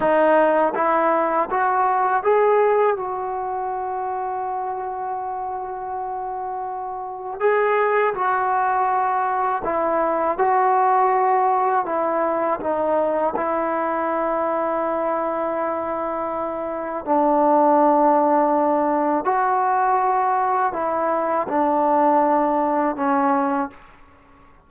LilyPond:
\new Staff \with { instrumentName = "trombone" } { \time 4/4 \tempo 4 = 81 dis'4 e'4 fis'4 gis'4 | fis'1~ | fis'2 gis'4 fis'4~ | fis'4 e'4 fis'2 |
e'4 dis'4 e'2~ | e'2. d'4~ | d'2 fis'2 | e'4 d'2 cis'4 | }